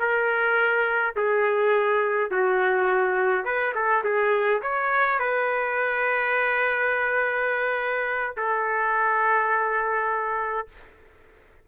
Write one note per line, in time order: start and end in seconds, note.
0.00 1.15 A#4
1.16 2.31 G#4
2.31 3.45 F#4
3.45 3.74 B4
3.75 4.04 A4
4.05 4.62 G#4
4.62 5.20 C#5
5.20 8.37 B4
8.38 10.68 A4